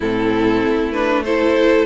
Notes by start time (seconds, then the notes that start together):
0.00 A2 C4 E4 A4
0.65 A3
0.92 D4 B4
1.24 E4 A4 C5